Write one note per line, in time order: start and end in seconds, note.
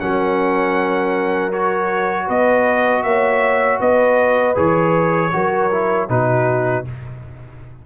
0.00 2.29 F#3
0.00 1.52 C#4
0.00 2.27 A#4
0.00 1.52 F#5
1.52 4.55 F#4
1.52 2.28 C#5
2.27 3.03 B3
2.27 3.03 B4
2.27 3.03 D#5
3.03 3.79 A#3
3.03 3.80 C#5
3.03 3.79 E5
3.80 4.56 B3
3.80 5.31 B4
3.80 4.57 D#5
4.55 5.33 E3
4.55 5.31 G#4
4.55 6.09 C#5
5.33 6.09 F#3
5.33 5.71 F#4
5.33 6.09 A#4
5.71 6.09 E4
6.09 6.85 B2
6.09 6.85 D#4
6.09 6.86 F#4
6.09 6.85 B4